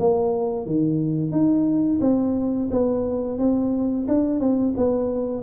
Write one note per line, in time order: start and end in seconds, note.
0.00 0.66 A#3
0.66 1.32 D#3
1.32 2.00 D#4
2.01 2.69 C4
2.71 3.39 B3
3.39 4.07 C4
4.08 4.40 D4
4.40 4.74 C4
4.77 5.43 B3